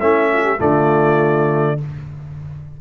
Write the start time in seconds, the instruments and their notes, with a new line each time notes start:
0.00 tuba A3, trombone C#4, horn E4, trumpet E5
0.33 horn F4
0.43 horn G4
0.58 tuba D3, trombone A3, horn F4, trumpet D5